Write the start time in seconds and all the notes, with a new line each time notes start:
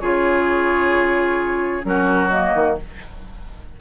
0.00 C#3 F4 G#4 C#5
1.83 F#3 C#4 F#4 A#4
2.30 A#3 D#5
2.55 D#3